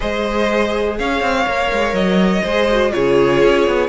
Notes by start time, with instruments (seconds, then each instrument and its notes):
0.00 cello G#3, viola G#4, violin C5 D#5
0.98 cello C#4, violin C#5 F5
1.21 cello C4
1.46 cello A#3, viola A#4
1.72 cello G#3
1.93 cello F#3, violin D#5
2.43 cello G#3, viola G#4, violin C5
2.70 viola F#4
2.90 cello C#3, viola F4, violin G#4 C#5
3.43 cello C#4
3.67 cello B3